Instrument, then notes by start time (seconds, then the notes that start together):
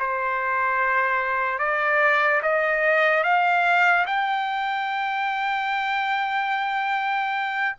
trumpet
0.00 C5
1.59 D5
2.43 D#5
3.24 F5
4.07 G5